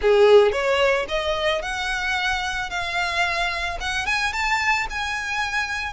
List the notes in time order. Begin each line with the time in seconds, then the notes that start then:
0.01 G#4
0.51 C#5
1.08 D#5
1.62 F#5
2.70 F5
3.80 F#5
4.05 G#5
4.32 A5
4.89 G#5